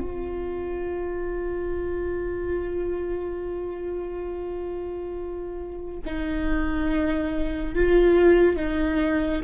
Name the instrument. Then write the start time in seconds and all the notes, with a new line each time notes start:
viola
0.00 F4
6.06 D#4
7.75 F4
8.56 D#4